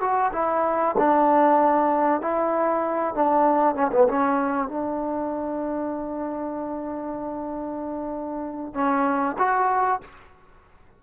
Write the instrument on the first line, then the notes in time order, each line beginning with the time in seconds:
trombone
0.00 F#4
0.33 E4
0.98 D4
2.21 E4
3.14 D4
3.75 C#4
3.92 B3
4.08 C#4
4.68 D4
8.73 C#4
9.38 F#4